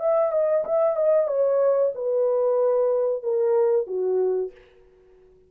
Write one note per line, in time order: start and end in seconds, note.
0.00 0.32 E5
0.32 0.65 D#5
0.65 0.96 E5
0.96 1.28 D#5
1.28 1.93 C#5
1.95 3.23 B4
3.23 3.87 A#4
3.87 4.52 F#4